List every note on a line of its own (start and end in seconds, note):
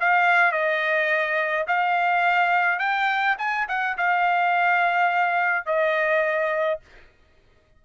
0.00 0.51 F5
0.51 1.66 D#5
1.67 2.79 F5
2.79 3.36 G5
3.38 3.67 G#5
3.68 3.97 F#5
3.97 5.66 F5
5.66 6.80 D#5